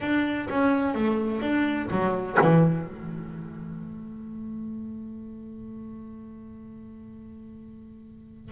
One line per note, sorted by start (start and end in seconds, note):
0.00 0.47 D4
0.49 0.94 C#4
0.94 1.41 A3
1.41 1.88 D4
1.90 2.38 F#3
2.41 2.86 E3
2.86 8.51 A3